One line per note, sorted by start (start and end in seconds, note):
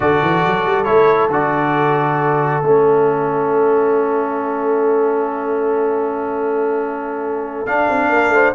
0.00 0.21 D3
0.00 0.85 F#4
0.00 8.11 A4
0.00 0.84 D5
0.21 0.43 E3
0.45 0.66 F#3
0.66 0.88 G3
0.84 1.29 A3
0.84 1.29 E4
0.84 1.27 C#5
1.29 2.60 D3
1.29 2.63 F#4
1.29 2.62 D5
2.62 7.66 A3
2.62 7.66 C#4
2.62 7.66 E5
7.66 8.54 D4
7.66 7.88 D4
7.66 8.53 F5
7.89 8.09 C4
8.09 8.29 A#3
8.09 8.33 A#4
8.29 8.50 A3
8.29 8.54 C5